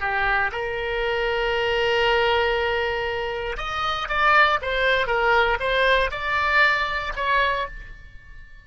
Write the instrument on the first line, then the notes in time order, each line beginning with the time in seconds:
oboe
0.00 G4
0.51 A#4
3.57 D#5
4.08 D5
4.61 C5
5.07 A#4
5.59 C5
6.11 D5
7.16 C#5